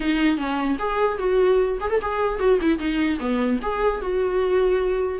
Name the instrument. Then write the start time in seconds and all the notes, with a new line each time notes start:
viola
0.00 D#4
0.37 C#4
0.79 G#4
1.18 F#4
1.80 G#4
1.90 A4
2.01 G#4
2.39 F#4
2.61 E4
2.78 D#4
3.19 B3
3.62 G#4
4.01 F#4